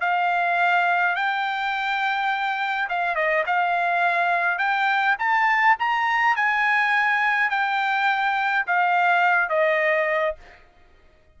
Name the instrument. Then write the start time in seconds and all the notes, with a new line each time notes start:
trumpet
0.00 F5
1.15 G5
2.89 F5
3.15 D#5
3.46 F5
4.58 G5
5.18 A5
5.79 A#5
6.36 G#5
7.50 G5
8.66 F5
9.49 D#5